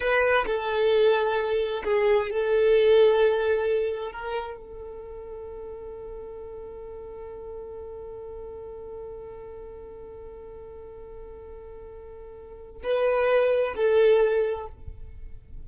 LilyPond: \new Staff \with { instrumentName = "violin" } { \time 4/4 \tempo 4 = 131 b'4 a'2. | gis'4 a'2.~ | a'4 ais'4 a'2~ | a'1~ |
a'1~ | a'1~ | a'1 | b'2 a'2 | }